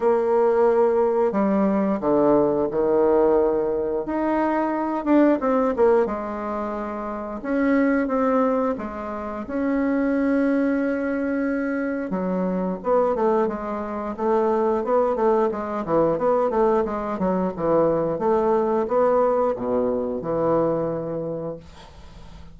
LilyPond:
\new Staff \with { instrumentName = "bassoon" } { \time 4/4 \tempo 4 = 89 ais2 g4 d4 | dis2 dis'4. d'8 | c'8 ais8 gis2 cis'4 | c'4 gis4 cis'2~ |
cis'2 fis4 b8 a8 | gis4 a4 b8 a8 gis8 e8 | b8 a8 gis8 fis8 e4 a4 | b4 b,4 e2 | }